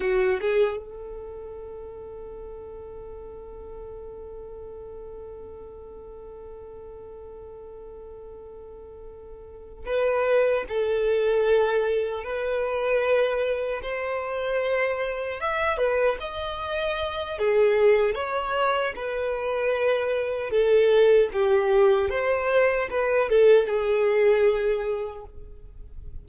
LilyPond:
\new Staff \with { instrumentName = "violin" } { \time 4/4 \tempo 4 = 76 fis'8 gis'8 a'2.~ | a'1~ | a'1~ | a'8 b'4 a'2 b'8~ |
b'4. c''2 e''8 | b'8 dis''4. gis'4 cis''4 | b'2 a'4 g'4 | c''4 b'8 a'8 gis'2 | }